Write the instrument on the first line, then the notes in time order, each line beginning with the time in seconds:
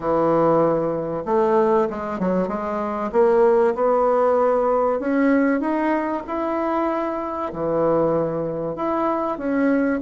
bassoon
0.00 E3
1.25 A3
1.89 G#3
2.19 F#3
2.48 G#3
3.12 A#3
3.74 B3
4.99 C#4
5.60 D#4
6.27 E4
7.53 E3
8.75 E4
9.38 C#4